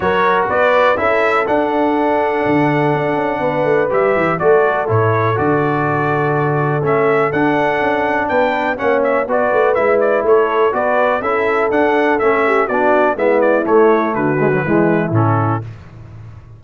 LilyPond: <<
  \new Staff \with { instrumentName = "trumpet" } { \time 4/4 \tempo 4 = 123 cis''4 d''4 e''4 fis''4~ | fis''1 | e''4 d''4 cis''4 d''4~ | d''2 e''4 fis''4~ |
fis''4 g''4 fis''8 e''8 d''4 | e''8 d''8 cis''4 d''4 e''4 | fis''4 e''4 d''4 e''8 d''8 | cis''4 b'2 a'4 | }
  \new Staff \with { instrumentName = "horn" } { \time 4/4 ais'4 b'4 a'2~ | a'2. b'4~ | b'4 a'2.~ | a'1~ |
a'4 b'4 cis''4 b'4~ | b'4 a'4 b'4 a'4~ | a'4. g'8 fis'4 e'4~ | e'4 fis'4 e'2 | }
  \new Staff \with { instrumentName = "trombone" } { \time 4/4 fis'2 e'4 d'4~ | d'1 | g'4 fis'4 e'4 fis'4~ | fis'2 cis'4 d'4~ |
d'2 cis'4 fis'4 | e'2 fis'4 e'4 | d'4 cis'4 d'4 b4 | a4. gis16 fis16 gis4 cis'4 | }
  \new Staff \with { instrumentName = "tuba" } { \time 4/4 fis4 b4 cis'4 d'4~ | d'4 d4 d'8 cis'8 b8 a8 | g8 e8 a4 a,4 d4~ | d2 a4 d'4 |
cis'4 b4 ais4 b8 a8 | gis4 a4 b4 cis'4 | d'4 a4 b4 gis4 | a4 d4 e4 a,4 | }
>>